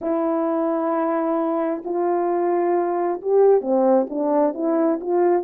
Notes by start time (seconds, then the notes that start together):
0.01 E4
1.84 F4
3.21 G4
3.61 C4
4.09 D4
4.54 E4
5.00 F4